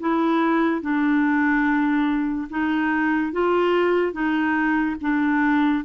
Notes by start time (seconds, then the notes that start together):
0.00 E4
0.82 D4
2.50 D#4
3.32 F4
4.12 D#4
5.01 D4